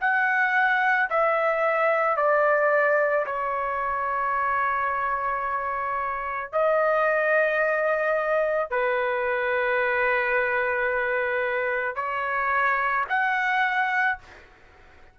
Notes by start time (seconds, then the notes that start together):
0.00 F#5
1.10 E5
2.17 D5
3.26 C#5
6.52 D#5
8.70 B4
11.96 C#5
13.09 F#5